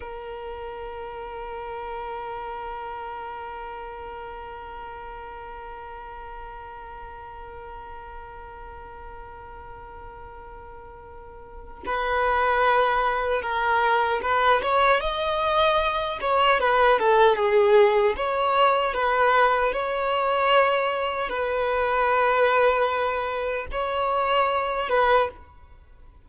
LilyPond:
\new Staff \with { instrumentName = "violin" } { \time 4/4 \tempo 4 = 76 ais'1~ | ais'1~ | ais'1~ | ais'2. b'4~ |
b'4 ais'4 b'8 cis''8 dis''4~ | dis''8 cis''8 b'8 a'8 gis'4 cis''4 | b'4 cis''2 b'4~ | b'2 cis''4. b'8 | }